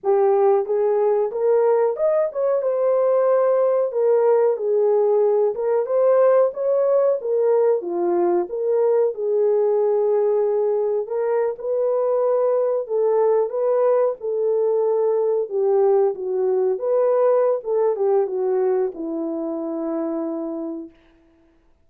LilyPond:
\new Staff \with { instrumentName = "horn" } { \time 4/4 \tempo 4 = 92 g'4 gis'4 ais'4 dis''8 cis''8 | c''2 ais'4 gis'4~ | gis'8 ais'8 c''4 cis''4 ais'4 | f'4 ais'4 gis'2~ |
gis'4 ais'8. b'2 a'16~ | a'8. b'4 a'2 g'16~ | g'8. fis'4 b'4~ b'16 a'8 g'8 | fis'4 e'2. | }